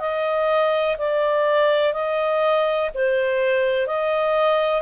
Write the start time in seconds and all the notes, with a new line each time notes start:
0.00 D#5
0.98 D5
1.94 D#5
2.95 C5
3.87 D#5